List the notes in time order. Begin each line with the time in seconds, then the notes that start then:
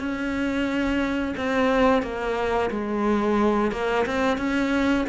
0.00 C#4
1.37 C4
2.03 A#3
2.71 G#3
3.72 A#3
4.06 C4
4.38 C#4